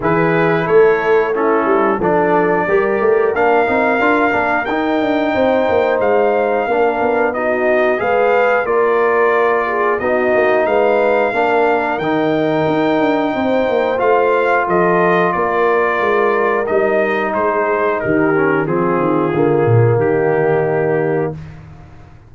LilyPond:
<<
  \new Staff \with { instrumentName = "trumpet" } { \time 4/4 \tempo 4 = 90 b'4 cis''4 a'4 d''4~ | d''4 f''2 g''4~ | g''4 f''2 dis''4 | f''4 d''2 dis''4 |
f''2 g''2~ | g''4 f''4 dis''4 d''4~ | d''4 dis''4 c''4 ais'4 | gis'2 g'2 | }
  \new Staff \with { instrumentName = "horn" } { \time 4/4 gis'4 a'4 e'4 a'4 | ais'1 | c''2 ais'4 fis'4 | b'4 ais'4. gis'8 fis'4 |
b'4 ais'2. | c''2 a'4 ais'4~ | ais'2 gis'4 g'4 | f'2 dis'2 | }
  \new Staff \with { instrumentName = "trombone" } { \time 4/4 e'2 cis'4 d'4 | g'4 d'8 dis'8 f'8 d'8 dis'4~ | dis'2 d'4 dis'4 | gis'4 f'2 dis'4~ |
dis'4 d'4 dis'2~ | dis'4 f'2.~ | f'4 dis'2~ dis'8 cis'8 | c'4 ais2. | }
  \new Staff \with { instrumentName = "tuba" } { \time 4/4 e4 a4. g8 f4 | g8 a8 ais8 c'8 d'8 ais8 dis'8 d'8 | c'8 ais8 gis4 ais8 b4. | gis4 ais2 b8 ais8 |
gis4 ais4 dis4 dis'8 d'8 | c'8 ais8 a4 f4 ais4 | gis4 g4 gis4 dis4 | f8 dis8 d8 ais,8 dis2 | }
>>